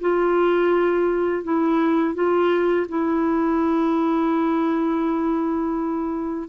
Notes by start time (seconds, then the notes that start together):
0.00 F4
1.43 E4
2.14 F4
2.88 E4